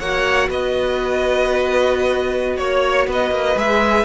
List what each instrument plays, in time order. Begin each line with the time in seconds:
0.00 cello A#3, viola F#4, violin C#5 F#5
0.50 cello B3, violin B4 D#5
2.57 cello A#3, violin C#5
3.07 cello B3, violin B4 D#5
3.31 cello A#3
3.56 cello G#3, viola G#4, violin E5